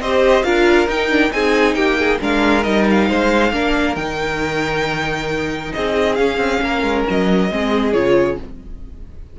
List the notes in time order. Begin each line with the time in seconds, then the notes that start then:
0.00 C4 G4 C5 D#5
0.43 D4 F4 A#4 F5
0.87 D#4 G5
1.11 D4
1.30 C4 D#4 G#4 G#5
1.75 A#3 G4 G5
1.99 G#4
2.21 G#3 D4 A#4 F5
2.63 G3 D#4 D#5
2.91 F5
3.09 G#3 C5
3.52 A#3 D4 A#4
3.96 D#3 D#4 G5
5.73 C4 G#4 D#5
6.15 C#4 F5
6.38 C4
6.62 A#3 A#4
6.83 G#3
7.10 F#3 D#5
7.51 G#3 C4 G#4
7.93 C#3 F4 C#5